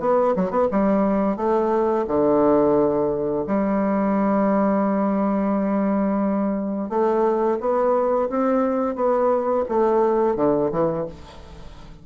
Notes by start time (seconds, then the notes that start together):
0.00 B3
0.36 F#3
0.51 B3
0.71 G3
1.37 A3
2.08 D3
3.47 G3
6.89 A3
7.60 B3
8.30 C4
8.95 B3
9.69 A3
10.36 D3
10.71 E3